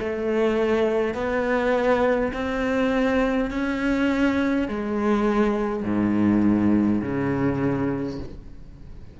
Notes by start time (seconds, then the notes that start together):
0.00 A3
1.14 B3
2.33 C4
3.51 C#4
4.68 G#3
5.84 G#2
7.02 C#3